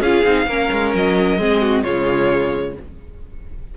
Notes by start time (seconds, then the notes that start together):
0.00 C#4 F4 G#4 F5
0.24 C4 D#4
0.46 A#3 C#4 A#4
0.72 G#3
0.94 F#3 D#5
1.37 G#3 C4 G#4
1.61 F#4
1.83 C#3 G#3 F4 C#5